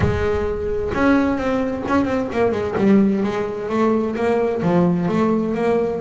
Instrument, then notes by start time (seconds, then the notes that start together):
double bass
0.00 G#3
0.94 C#4
1.37 C4
1.88 C#4
2.04 C4
2.32 A#3
2.51 G#3
2.77 G3
3.23 G#3
3.69 A3
4.15 A#3
4.62 F3
5.08 A3
5.54 A#3